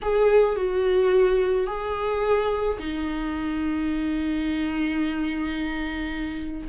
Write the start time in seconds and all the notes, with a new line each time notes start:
0.02 G#4
0.56 F#4
1.67 G#4
2.78 D#4